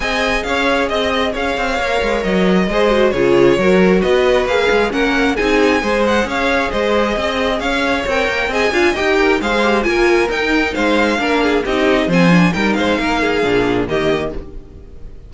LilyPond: <<
  \new Staff \with { instrumentName = "violin" } { \time 4/4 \tempo 4 = 134 gis''4 f''4 dis''4 f''4~ | f''4 dis''2 cis''4~ | cis''4 dis''4 f''4 fis''4 | gis''4. fis''8 f''4 dis''4~ |
dis''4 f''4 g''4 gis''4 | g''4 f''4 gis''4 g''4 | f''2 dis''4 gis''4 | g''8 f''2~ f''8 dis''4 | }
  \new Staff \with { instrumentName = "violin" } { \time 4/4 dis''4 cis''4 dis''4 cis''4~ | cis''2 c''4 gis'4 | ais'4 b'2 ais'4 | gis'4 c''4 cis''4 c''4 |
dis''4 cis''2 dis''8 f''8 | dis''8 ais'8 c''4 ais'2 | c''4 ais'8 gis'8 g'4 c''4 | ais'8 c''8 ais'8 gis'4. g'4 | }
  \new Staff \with { instrumentName = "viola" } { \time 4/4 gis'1 | ais'2 gis'8 fis'8 f'4 | fis'2 gis'4 cis'4 | dis'4 gis'2.~ |
gis'2 ais'4 gis'8 f'8 | g'4 gis'8 g'8 f'4 dis'4~ | dis'4 d'4 dis'4 c'8 d'8 | dis'2 d'4 ais4 | }
  \new Staff \with { instrumentName = "cello" } { \time 4/4 c'4 cis'4 c'4 cis'8 c'8 | ais8 gis8 fis4 gis4 cis4 | fis4 b4 ais8 gis8 ais4 | c'4 gis4 cis'4 gis4 |
c'4 cis'4 c'8 ais8 c'8 d'8 | dis'4 gis4 ais4 dis'4 | gis4 ais4 c'4 f4 | g8 gis8 ais4 ais,4 dis4 | }
>>